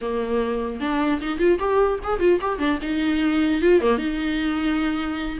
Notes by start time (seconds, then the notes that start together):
0.01 A#3
0.80 D4
1.21 D#4
1.39 F4
1.59 G4
2.03 G#4
2.19 F4
2.41 G4
2.58 D4
2.82 D#4
3.61 F4
3.80 A#3
3.97 D#4